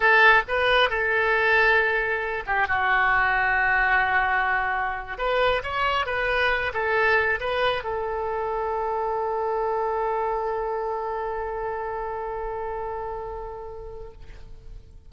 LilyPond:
\new Staff \with { instrumentName = "oboe" } { \time 4/4 \tempo 4 = 136 a'4 b'4 a'2~ | a'4. g'8 fis'2~ | fis'2.~ fis'8. b'16~ | b'8. cis''4 b'4. a'8.~ |
a'8. b'4 a'2~ a'16~ | a'1~ | a'1~ | a'1 | }